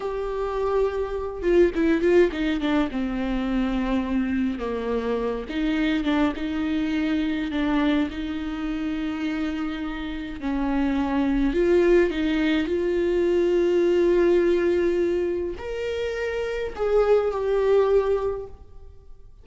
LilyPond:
\new Staff \with { instrumentName = "viola" } { \time 4/4 \tempo 4 = 104 g'2~ g'8 f'8 e'8 f'8 | dis'8 d'8 c'2. | ais4. dis'4 d'8 dis'4~ | dis'4 d'4 dis'2~ |
dis'2 cis'2 | f'4 dis'4 f'2~ | f'2. ais'4~ | ais'4 gis'4 g'2 | }